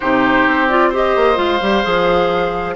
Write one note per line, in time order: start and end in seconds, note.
0.00 0.47 C3
0.00 0.69 D#4
0.00 0.89 G4
0.00 0.68 C5
0.47 1.16 C4
0.68 0.92 F4
0.68 0.91 D5
0.89 1.35 G4
0.89 2.74 C5
0.95 1.38 D#5
1.16 1.37 A#3
1.35 1.60 G#3
1.35 1.58 F4
1.35 2.75 F5
1.61 1.84 G3
1.61 1.83 G4
1.83 2.75 F3
1.83 2.75 G#4